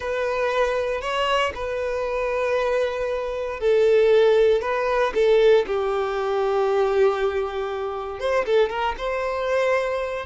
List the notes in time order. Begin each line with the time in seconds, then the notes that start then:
0.00 B4
1.01 C#5
1.54 B4
3.59 A4
4.61 B4
5.14 A4
5.66 G4
8.19 C5
8.45 A4
8.69 A#4
8.97 C5